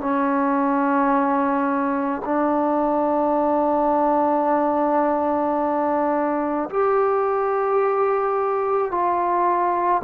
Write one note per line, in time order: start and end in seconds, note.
0.00 2.22 C#4
2.25 6.69 D4
6.70 8.91 G4
8.91 10.03 F4